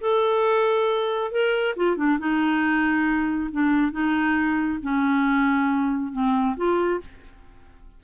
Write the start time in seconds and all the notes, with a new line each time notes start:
0.00 A4
1.31 A#4
1.76 F4
1.96 D4
2.19 D#4
3.51 D4
3.91 D#4
4.82 C#4
6.12 C4
6.56 F4